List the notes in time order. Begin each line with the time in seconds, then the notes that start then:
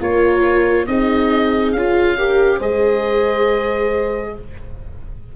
0.00 A#3 F4 A#4 C#5
0.86 C4 D#4 G#4 D#5
1.72 C#4 F4 F5
2.17 G4 A#4
2.58 G#3 G#4 C5 D#5